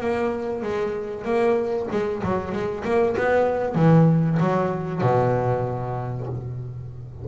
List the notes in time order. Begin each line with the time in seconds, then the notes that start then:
0.00 A#3
0.62 G#3
1.24 A#3
1.91 G#3
2.23 F#3
2.52 G#3
2.84 A#3
3.17 B3
3.75 E3
4.40 F#3
5.01 B2